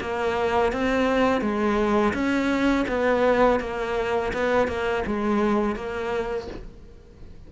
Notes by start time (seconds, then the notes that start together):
0.00 A#3
0.72 C4
1.41 G#3
2.13 C#4
2.88 B3
3.60 A#3
4.33 B3
4.67 A#3
5.06 G#3
5.75 A#3